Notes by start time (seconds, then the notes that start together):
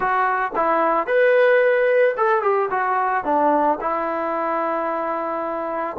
0.00 F#4
0.55 E4
1.07 B4
2.17 A4
2.42 G4
2.70 F#4
3.24 D4
3.80 E4